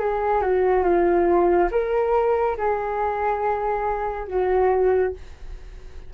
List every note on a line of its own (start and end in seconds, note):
0.00 0.42 G#4
0.42 0.84 F#4
0.84 1.69 F4
1.71 2.57 A#4
2.57 4.28 G#4
4.28 5.14 F#4